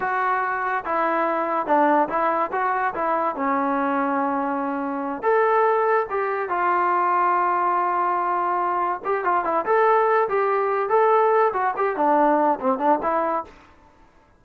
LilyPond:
\new Staff \with { instrumentName = "trombone" } { \time 4/4 \tempo 4 = 143 fis'2 e'2 | d'4 e'4 fis'4 e'4 | cis'1~ | cis'8 a'2 g'4 f'8~ |
f'1~ | f'4. g'8 f'8 e'8 a'4~ | a'8 g'4. a'4. fis'8 | g'8 d'4. c'8 d'8 e'4 | }